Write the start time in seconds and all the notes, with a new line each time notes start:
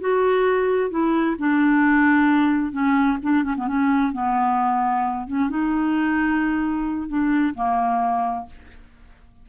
0.00 F#4
0.90 E4
1.38 D4
2.72 C#4
3.22 D4
3.43 C#4
3.57 B3
3.67 C#4
4.12 B3
5.27 C#4
5.49 D#4
7.08 D4
7.54 A#3